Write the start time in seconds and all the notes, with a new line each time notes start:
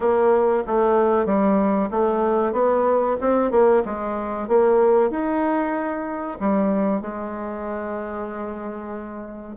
0.00 A#3
0.66 A3
1.25 G3
1.91 A3
2.52 B3
3.21 C4
3.51 A#3
3.85 G#3
4.47 A#3
5.10 D#4
6.40 G3
7.01 G#3